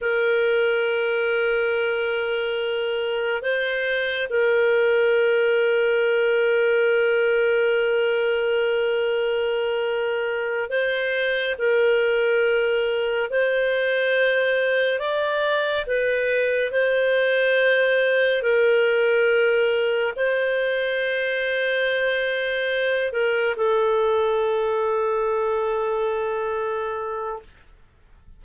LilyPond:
\new Staff \with { instrumentName = "clarinet" } { \time 4/4 \tempo 4 = 70 ais'1 | c''4 ais'2.~ | ais'1~ | ais'8 c''4 ais'2 c''8~ |
c''4. d''4 b'4 c''8~ | c''4. ais'2 c''8~ | c''2. ais'8 a'8~ | a'1 | }